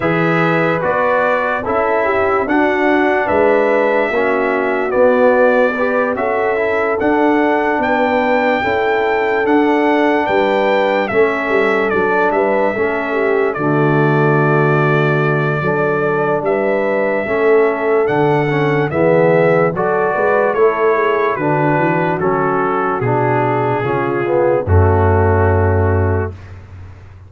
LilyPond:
<<
  \new Staff \with { instrumentName = "trumpet" } { \time 4/4 \tempo 4 = 73 e''4 d''4 e''4 fis''4 | e''2 d''4. e''8~ | e''8 fis''4 g''2 fis''8~ | fis''8 g''4 e''4 d''8 e''4~ |
e''8 d''2.~ d''8 | e''2 fis''4 e''4 | d''4 cis''4 b'4 a'4 | gis'2 fis'2 | }
  \new Staff \with { instrumentName = "horn" } { \time 4/4 b'2 a'8 g'8 fis'4 | b'4 fis'2 b'8 a'8~ | a'4. b'4 a'4.~ | a'8 b'4 a'4. b'8 a'8 |
g'8 fis'2~ fis'8 a'4 | b'4 a'2 gis'4 | a'8 b'8 a'8 gis'8 fis'2~ | fis'4 f'4 cis'2 | }
  \new Staff \with { instrumentName = "trombone" } { \time 4/4 gis'4 fis'4 e'4 d'4~ | d'4 cis'4 b4 g'8 fis'8 | e'8 d'2 e'4 d'8~ | d'4. cis'4 d'4 cis'8~ |
cis'8 a2~ a8 d'4~ | d'4 cis'4 d'8 cis'8 b4 | fis'4 e'4 d'4 cis'4 | d'4 cis'8 b8 a2 | }
  \new Staff \with { instrumentName = "tuba" } { \time 4/4 e4 b4 cis'4 d'4 | gis4 ais4 b4. cis'8~ | cis'8 d'4 b4 cis'4 d'8~ | d'8 g4 a8 g8 fis8 g8 a8~ |
a8 d2~ d8 fis4 | g4 a4 d4 e4 | fis8 gis8 a4 d8 e8 fis4 | b,4 cis4 fis,2 | }
>>